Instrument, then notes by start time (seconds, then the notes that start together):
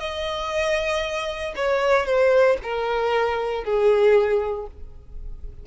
violin
0.00 D#5
1.56 C#5
2.06 C5
2.63 A#4
3.64 G#4